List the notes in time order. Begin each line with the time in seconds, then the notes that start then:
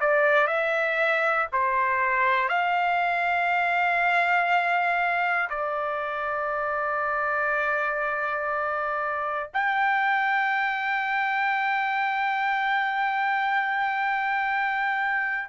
0.00 D5
0.47 E5
1.52 C5
2.49 F5
5.49 D5
9.53 G5